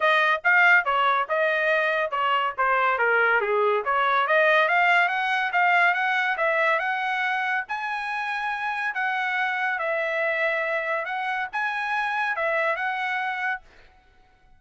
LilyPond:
\new Staff \with { instrumentName = "trumpet" } { \time 4/4 \tempo 4 = 141 dis''4 f''4 cis''4 dis''4~ | dis''4 cis''4 c''4 ais'4 | gis'4 cis''4 dis''4 f''4 | fis''4 f''4 fis''4 e''4 |
fis''2 gis''2~ | gis''4 fis''2 e''4~ | e''2 fis''4 gis''4~ | gis''4 e''4 fis''2 | }